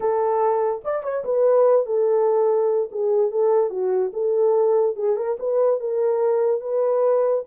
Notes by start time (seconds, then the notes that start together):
0.00 A4
0.84 D5
1.03 C#5
1.24 B4
1.86 A4
2.91 G#4
3.31 A4
3.70 F#4
4.13 A4
4.95 G#4
5.16 A#4
5.39 B4
5.80 A#4
6.60 B4